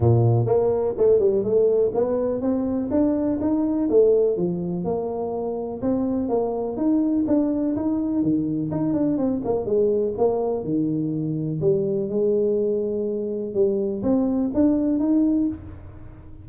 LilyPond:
\new Staff \with { instrumentName = "tuba" } { \time 4/4 \tempo 4 = 124 ais,4 ais4 a8 g8 a4 | b4 c'4 d'4 dis'4 | a4 f4 ais2 | c'4 ais4 dis'4 d'4 |
dis'4 dis4 dis'8 d'8 c'8 ais8 | gis4 ais4 dis2 | g4 gis2. | g4 c'4 d'4 dis'4 | }